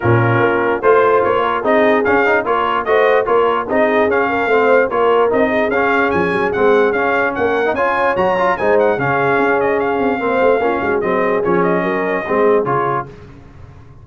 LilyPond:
<<
  \new Staff \with { instrumentName = "trumpet" } { \time 4/4 \tempo 4 = 147 ais'2 c''4 cis''4 | dis''4 f''4 cis''4 dis''4 | cis''4 dis''4 f''2 | cis''4 dis''4 f''4 gis''4 |
fis''4 f''4 fis''4 gis''4 | ais''4 gis''8 fis''8 f''4. dis''8 | f''2. dis''4 | cis''8 dis''2~ dis''8 cis''4 | }
  \new Staff \with { instrumentName = "horn" } { \time 4/4 f'2 c''4. ais'8 | gis'2 ais'4 c''4 | ais'4 gis'4. ais'8 c''4 | ais'4. gis'2~ gis'8~ |
gis'2 ais'4 cis''4~ | cis''4 c''4 gis'2~ | gis'4 c''4 f'8 fis'8 gis'4~ | gis'4 ais'4 gis'2 | }
  \new Staff \with { instrumentName = "trombone" } { \time 4/4 cis'2 f'2 | dis'4 cis'8 dis'8 f'4 fis'4 | f'4 dis'4 cis'4 c'4 | f'4 dis'4 cis'2 |
c'4 cis'4.~ cis'16 dis'16 f'4 | fis'8 f'8 dis'4 cis'2~ | cis'4 c'4 cis'4 c'4 | cis'2 c'4 f'4 | }
  \new Staff \with { instrumentName = "tuba" } { \time 4/4 ais,4 ais4 a4 ais4 | c'4 cis'4 ais4 a4 | ais4 c'4 cis'4 a4 | ais4 c'4 cis'4 f8 fis8 |
gis4 cis'4 ais4 cis'4 | fis4 gis4 cis4 cis'4~ | cis'8 c'8 ais8 a8 ais8 gis8 fis4 | f4 fis4 gis4 cis4 | }
>>